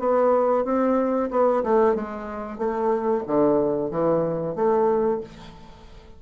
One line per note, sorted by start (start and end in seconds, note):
0.00 0.65 B3
0.65 1.30 C4
1.31 1.64 B3
1.64 1.95 A3
1.95 2.59 G#3
2.59 3.24 A3
3.28 3.91 D3
3.91 4.56 E3
4.56 5.21 A3